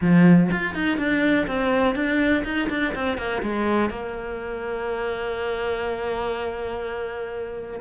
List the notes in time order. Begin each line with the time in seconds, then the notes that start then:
0.01 F3
0.51 F4
0.75 D#4
0.97 D4
1.46 C4
1.95 D4
2.44 D#4
2.69 D4
2.94 C4
3.17 A#3
3.42 G#3
3.90 A#3